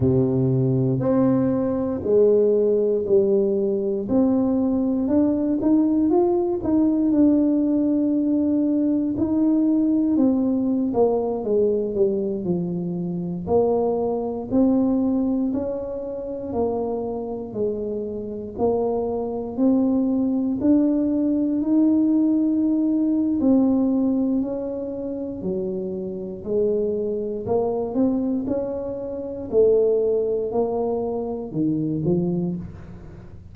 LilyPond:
\new Staff \with { instrumentName = "tuba" } { \time 4/4 \tempo 4 = 59 c4 c'4 gis4 g4 | c'4 d'8 dis'8 f'8 dis'8 d'4~ | d'4 dis'4 c'8. ais8 gis8 g16~ | g16 f4 ais4 c'4 cis'8.~ |
cis'16 ais4 gis4 ais4 c'8.~ | c'16 d'4 dis'4.~ dis'16 c'4 | cis'4 fis4 gis4 ais8 c'8 | cis'4 a4 ais4 dis8 f8 | }